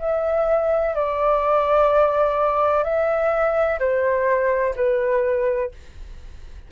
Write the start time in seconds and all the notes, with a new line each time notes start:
0.00 E5
0.95 D5
2.84 E5
3.80 C5
4.76 B4